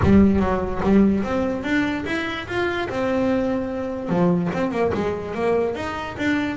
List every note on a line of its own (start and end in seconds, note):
0.02 0.39 G3
0.39 0.80 F#3
0.83 1.23 G3
1.23 1.63 C4
1.63 2.04 D4
2.06 2.47 E4
2.47 2.88 F4
2.89 4.09 C4
4.09 4.50 F3
4.53 4.71 C4
4.71 4.91 A#3
4.94 5.34 G#3
5.34 5.75 A#3
5.75 6.16 D#4
6.18 6.57 D4